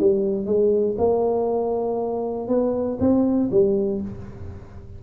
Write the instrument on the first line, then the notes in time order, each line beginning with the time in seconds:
tuba
0.00 G3
0.46 G#3
0.98 A#3
2.48 B3
3.00 C4
3.51 G3